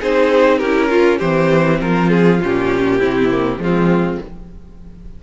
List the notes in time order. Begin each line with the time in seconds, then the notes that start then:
0.00 C4 D#4 G#4 C5
0.58 C#4 E4 G4 A#4
0.90 F4
1.18 E3 C4 G4 C5
1.81 F3 F4 A#4
2.10 G#4
2.43 A#2 C#4 G4
2.99 C3 C4 E4
3.30 A#3
3.58 F3 G#3 C4 F4